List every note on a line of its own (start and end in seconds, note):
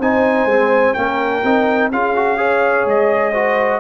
0.00 0.45 C4
0.00 0.50 D#4
0.00 0.96 C5
0.00 0.94 G#5
0.45 0.93 G#3
0.45 0.96 C4
0.94 1.44 A#3
0.94 1.43 C#4
0.94 1.91 A#4
0.94 1.89 G5
1.44 1.91 C4
1.44 1.92 D#4
1.91 2.86 C#4
1.91 2.16 F4
1.91 2.38 G#4
1.91 2.88 F5
2.16 2.37 F#4
2.37 3.33 G#4
2.37 3.32 C#5
2.86 3.80 G#3
2.86 3.80 D#5
3.32 3.80 F#4
3.32 3.80 C5